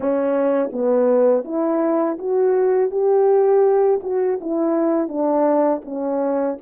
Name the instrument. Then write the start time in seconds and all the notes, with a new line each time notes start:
horn
0.00 C#4
0.72 B3
1.44 E4
2.18 F#4
2.90 G4
4.02 F#4
4.40 E4
5.08 D4
5.84 C#4